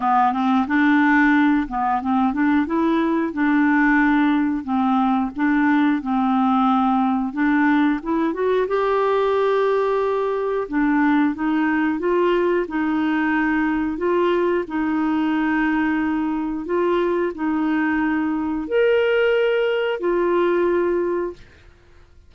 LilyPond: \new Staff \with { instrumentName = "clarinet" } { \time 4/4 \tempo 4 = 90 b8 c'8 d'4. b8 c'8 d'8 | e'4 d'2 c'4 | d'4 c'2 d'4 | e'8 fis'8 g'2. |
d'4 dis'4 f'4 dis'4~ | dis'4 f'4 dis'2~ | dis'4 f'4 dis'2 | ais'2 f'2 | }